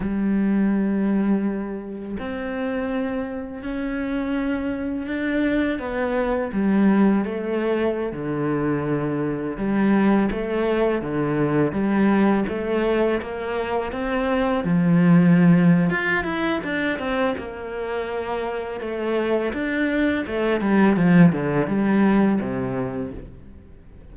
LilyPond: \new Staff \with { instrumentName = "cello" } { \time 4/4 \tempo 4 = 83 g2. c'4~ | c'4 cis'2 d'4 | b4 g4 a4~ a16 d8.~ | d4~ d16 g4 a4 d8.~ |
d16 g4 a4 ais4 c'8.~ | c'16 f4.~ f16 f'8 e'8 d'8 c'8 | ais2 a4 d'4 | a8 g8 f8 d8 g4 c4 | }